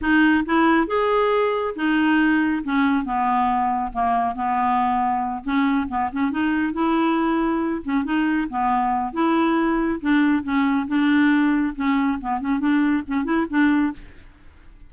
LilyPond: \new Staff \with { instrumentName = "clarinet" } { \time 4/4 \tempo 4 = 138 dis'4 e'4 gis'2 | dis'2 cis'4 b4~ | b4 ais4 b2~ | b8 cis'4 b8 cis'8 dis'4 e'8~ |
e'2 cis'8 dis'4 b8~ | b4 e'2 d'4 | cis'4 d'2 cis'4 | b8 cis'8 d'4 cis'8 e'8 d'4 | }